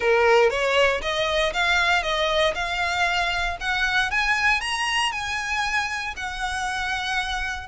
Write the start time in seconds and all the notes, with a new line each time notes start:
0.00 A#4
0.50 C#5
1.01 D#5
1.53 F5
2.03 D#5
2.54 F5
3.60 F#5
4.10 G#5
4.61 A#5
5.11 G#5
6.16 F#5